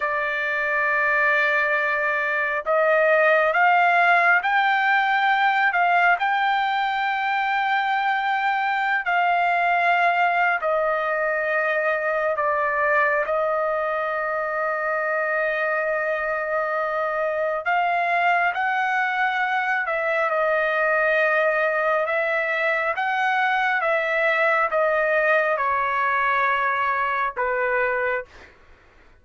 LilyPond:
\new Staff \with { instrumentName = "trumpet" } { \time 4/4 \tempo 4 = 68 d''2. dis''4 | f''4 g''4. f''8 g''4~ | g''2~ g''16 f''4.~ f''16 | dis''2 d''4 dis''4~ |
dis''1 | f''4 fis''4. e''8 dis''4~ | dis''4 e''4 fis''4 e''4 | dis''4 cis''2 b'4 | }